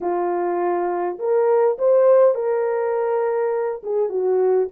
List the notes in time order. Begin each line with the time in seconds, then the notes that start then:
0.00 F4
1.18 A#4
1.78 C5
2.34 A#4
3.83 G#4
4.09 F#4